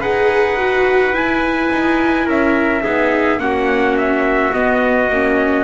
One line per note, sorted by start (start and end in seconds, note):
0.00 1.12 D#4
0.00 0.57 G#4
0.00 2.26 B4
0.00 1.15 F#5
0.57 1.13 F#4
1.12 1.69 E4
1.12 2.83 E4
1.12 2.28 G#5
1.72 2.27 D#4
2.26 2.84 C#4
2.26 2.82 A#4
2.26 3.40 E5
2.83 3.38 B3
2.83 3.39 D#4
2.83 3.40 G#4
3.38 4.51 A#3
3.38 4.52 C#4
3.38 5.64 F#4
3.38 3.96 F#5
3.97 4.54 E5
4.53 5.10 B3
4.53 5.64 D#5
5.10 5.64 A#3
5.10 5.64 C#4